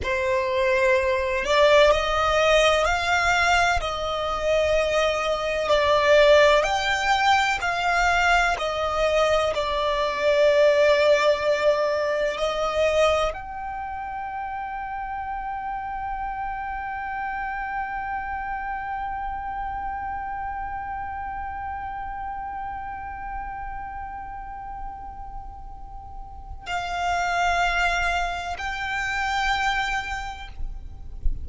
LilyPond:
\new Staff \with { instrumentName = "violin" } { \time 4/4 \tempo 4 = 63 c''4. d''8 dis''4 f''4 | dis''2 d''4 g''4 | f''4 dis''4 d''2~ | d''4 dis''4 g''2~ |
g''1~ | g''1~ | g''1 | f''2 g''2 | }